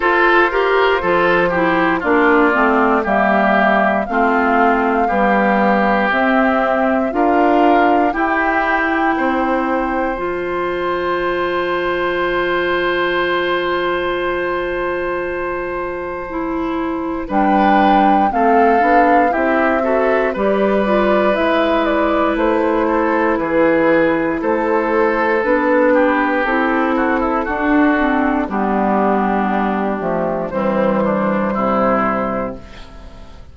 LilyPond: <<
  \new Staff \with { instrumentName = "flute" } { \time 4/4 \tempo 4 = 59 c''2 d''4 e''4 | f''2 e''4 f''4 | g''2 a''2~ | a''1~ |
a''4 g''4 f''4 e''4 | d''4 e''8 d''8 c''4 b'4 | c''4 b'4 a'2 | g'2 c''2 | }
  \new Staff \with { instrumentName = "oboe" } { \time 4/4 a'8 ais'8 a'8 g'8 f'4 g'4 | f'4 g'2 ais'4 | g'4 c''2.~ | c''1~ |
c''4 b'4 a'4 g'8 a'8 | b'2~ b'8 a'8 gis'4 | a'4. g'4 fis'16 e'16 fis'4 | d'2 c'8 d'8 e'4 | }
  \new Staff \with { instrumentName = "clarinet" } { \time 4/4 f'8 g'8 f'8 e'8 d'8 c'8 ais4 | c'4 g4 c'4 f'4 | e'2 f'2~ | f'1 |
e'4 d'4 c'8 d'8 e'8 fis'8 | g'8 f'8 e'2.~ | e'4 d'4 e'4 d'8 c'8 | b4. a8 g2 | }
  \new Staff \with { instrumentName = "bassoon" } { \time 4/4 f'4 f4 ais8 a8 g4 | a4 b4 c'4 d'4 | e'4 c'4 f2~ | f1~ |
f4 g4 a8 b8 c'4 | g4 gis4 a4 e4 | a4 b4 c'4 d'4 | g4. f8 e4 c4 | }
>>